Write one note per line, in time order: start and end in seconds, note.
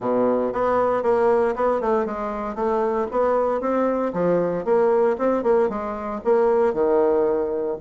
0.00 0.52 B2
0.52 1.03 B3
1.03 1.54 A#3
1.55 1.80 B3
1.80 2.05 A3
2.05 2.55 G#3
2.55 3.07 A3
3.11 3.60 B3
3.60 4.12 C4
4.13 4.64 F3
4.65 5.16 A#3
5.17 5.43 C4
5.43 5.69 A#3
5.69 6.20 G#3
6.24 6.73 A#3
6.73 7.77 D#3